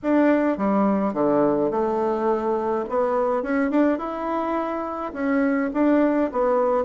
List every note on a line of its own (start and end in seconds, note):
0.02 0.57 D4
0.57 1.13 G3
1.13 1.70 D3
1.70 2.84 A3
2.89 3.43 B3
3.43 3.70 C#4
3.70 3.98 D4
3.98 5.12 E4
5.13 5.70 C#4
5.73 6.30 D4
6.32 6.84 B3